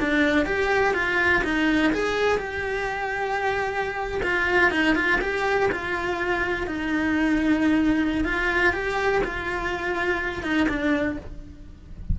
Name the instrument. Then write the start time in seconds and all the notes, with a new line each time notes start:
cello
0.00 D4
0.45 G4
0.94 F4
1.44 D#4
1.93 G#4
2.38 G4
4.23 F4
4.71 D#4
4.96 F4
5.21 G4
5.71 F4
6.67 D#4
8.25 F4
8.73 G4
9.24 F4
10.43 D#4
10.69 D4